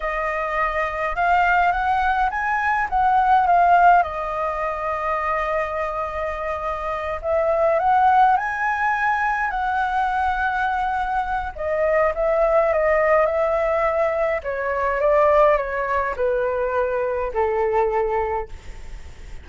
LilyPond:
\new Staff \with { instrumentName = "flute" } { \time 4/4 \tempo 4 = 104 dis''2 f''4 fis''4 | gis''4 fis''4 f''4 dis''4~ | dis''1~ | dis''8 e''4 fis''4 gis''4.~ |
gis''8 fis''2.~ fis''8 | dis''4 e''4 dis''4 e''4~ | e''4 cis''4 d''4 cis''4 | b'2 a'2 | }